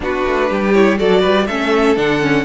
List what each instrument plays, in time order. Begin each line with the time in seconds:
0.00 cello B3, viola D4, violin F#4 B4
0.26 cello A3
0.49 cello G3, violin G4
0.73 viola E4, violin C#5
0.97 cello F#3, viola F#4, violin A4 D5
1.20 cello G3, violin B4
1.46 cello A3, viola C#4, violin A4 E5
1.96 cello D3, viola D4, violin F#5
2.19 viola C#4